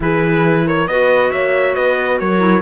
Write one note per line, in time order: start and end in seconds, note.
0.00 0.87 E3
0.00 0.87 E4
0.00 0.66 G#4
0.00 0.67 B4
0.66 0.88 A#4
0.66 0.87 C#5
0.87 1.30 B3
0.87 2.39 F#4
0.87 1.32 B4
0.87 1.31 D#5
1.31 1.76 A#3
1.31 1.75 C#5
1.31 1.74 E5
1.75 2.20 B3
1.75 2.18 B4
1.75 2.18 D#5
2.19 2.61 F#3
2.19 2.61 A#4
2.19 2.61 C#5
2.39 2.60 E4